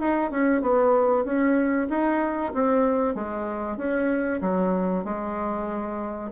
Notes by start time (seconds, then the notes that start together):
0.00 D#4
0.31 C#4
0.62 B3
1.25 C#4
1.90 D#4
2.54 C4
3.15 G#3
3.78 C#4
4.41 F#3
5.05 G#3